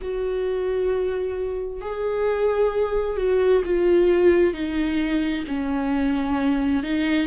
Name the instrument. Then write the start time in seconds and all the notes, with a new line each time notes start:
viola
0.01 F#4
1.81 G#4
3.17 F#4
3.64 F4
4.53 D#4
5.48 C#4
6.83 D#4